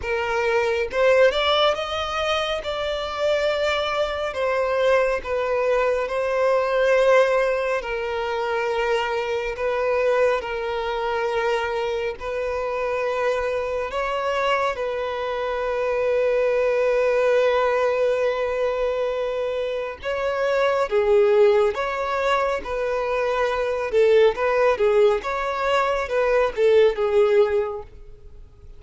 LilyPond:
\new Staff \with { instrumentName = "violin" } { \time 4/4 \tempo 4 = 69 ais'4 c''8 d''8 dis''4 d''4~ | d''4 c''4 b'4 c''4~ | c''4 ais'2 b'4 | ais'2 b'2 |
cis''4 b'2.~ | b'2. cis''4 | gis'4 cis''4 b'4. a'8 | b'8 gis'8 cis''4 b'8 a'8 gis'4 | }